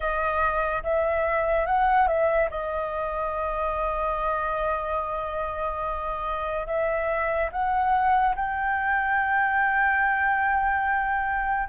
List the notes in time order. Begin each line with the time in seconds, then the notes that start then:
0.00 D#5
0.83 E5
1.66 F#5
2.07 E5
2.50 D#5
6.66 E5
7.52 F#5
8.35 G5